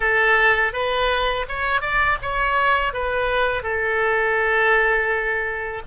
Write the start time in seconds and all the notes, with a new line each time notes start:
0.00 A4
0.72 B4
1.48 C#5
1.81 D5
2.22 C#5
2.93 B4
3.62 A4